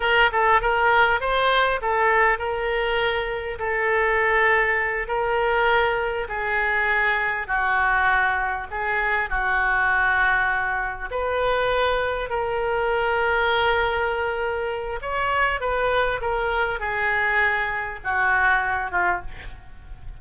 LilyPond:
\new Staff \with { instrumentName = "oboe" } { \time 4/4 \tempo 4 = 100 ais'8 a'8 ais'4 c''4 a'4 | ais'2 a'2~ | a'8 ais'2 gis'4.~ | gis'8 fis'2 gis'4 fis'8~ |
fis'2~ fis'8 b'4.~ | b'8 ais'2.~ ais'8~ | ais'4 cis''4 b'4 ais'4 | gis'2 fis'4. f'8 | }